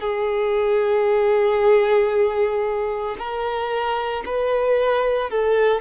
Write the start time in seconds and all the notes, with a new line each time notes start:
0.00 G#4
3.19 A#4
4.25 B4
5.30 A4